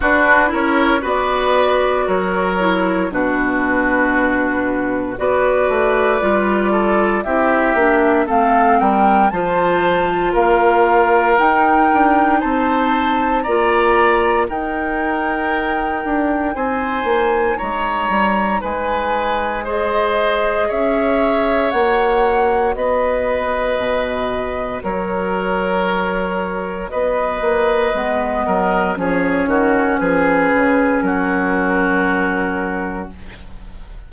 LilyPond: <<
  \new Staff \with { instrumentName = "flute" } { \time 4/4 \tempo 4 = 58 b'8 cis''8 d''4 cis''4 b'4~ | b'4 d''2 e''4 | f''8 g''8 a''4 f''4 g''4 | a''4 ais''4 g''2 |
gis''4 ais''4 gis''4 dis''4 | e''4 fis''4 dis''2 | cis''2 dis''2 | cis''4 b'4 ais'2 | }
  \new Staff \with { instrumentName = "oboe" } { \time 4/4 fis'8 ais'8 b'4 ais'4 fis'4~ | fis'4 b'4. a'8 g'4 | a'8 ais'8 c''4 ais'2 | c''4 d''4 ais'2 |
c''4 cis''4 b'4 c''4 | cis''2 b'2 | ais'2 b'4. ais'8 | gis'8 fis'8 gis'4 fis'2 | }
  \new Staff \with { instrumentName = "clarinet" } { \time 4/4 d'8 e'8 fis'4. e'8 d'4~ | d'4 fis'4 f'4 e'8 d'8 | c'4 f'2 dis'4~ | dis'4 f'4 dis'2~ |
dis'2. gis'4~ | gis'4 fis'2.~ | fis'2. b4 | cis'1 | }
  \new Staff \with { instrumentName = "bassoon" } { \time 4/4 d'8 cis'8 b4 fis4 b,4~ | b,4 b8 a8 g4 c'8 ais8 | a8 g8 f4 ais4 dis'8 d'8 | c'4 ais4 dis'4. d'8 |
c'8 ais8 gis8 g8 gis2 | cis'4 ais4 b4 b,4 | fis2 b8 ais8 gis8 fis8 | f8 dis8 f8 cis8 fis2 | }
>>